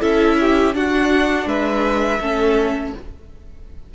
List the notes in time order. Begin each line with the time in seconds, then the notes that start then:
0.00 C#4 E4 A4 E5
0.40 G4
0.73 D4 F#4 F#5
1.46 G#3 B4 E5
2.20 A3 C#4 A4